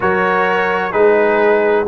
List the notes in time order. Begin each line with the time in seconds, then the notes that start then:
0.00 F#3 F#4 A#4 C#5
0.91 G#3 D#4 G#4 B4